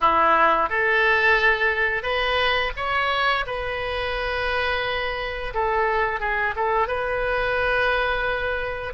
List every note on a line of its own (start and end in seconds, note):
0.00 0.69 E4
0.69 2.02 A4
2.02 2.71 B4
2.76 3.45 C#5
3.46 5.53 B4
5.54 6.19 A4
6.19 6.54 G#4
6.56 6.87 A4
6.87 8.93 B4